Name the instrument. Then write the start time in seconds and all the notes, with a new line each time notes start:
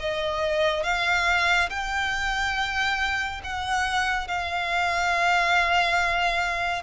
violin
0.00 D#5
0.84 F5
1.70 G5
3.44 F#5
4.28 F5